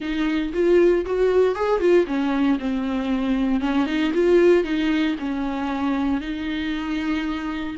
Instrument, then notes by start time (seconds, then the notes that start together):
viola
0.00 D#4
0.53 F4
1.05 F#4
1.55 G#4
1.79 F4
2.06 C#4
2.59 C4
3.60 C#4
3.86 D#4
4.14 F4
4.64 D#4
5.19 C#4
6.20 D#4